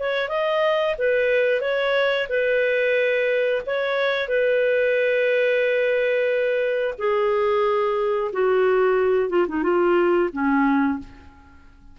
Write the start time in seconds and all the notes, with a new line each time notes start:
0.00 C#5
0.29 D#5
0.99 B4
1.62 C#5
2.29 B4
3.67 C#5
4.29 B4
6.99 G#4
8.33 F#4
9.30 F4
9.49 D#4
9.64 F4
10.33 C#4